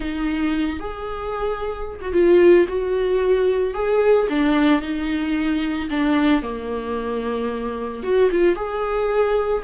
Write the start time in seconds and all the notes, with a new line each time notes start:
0.00 D#4
0.79 G#4
2.01 F#4
2.13 F4
2.68 F#4
3.74 G#4
4.29 D4
4.81 D#4
5.90 D4
6.42 A#3
8.03 F#4
8.31 F4
8.55 G#4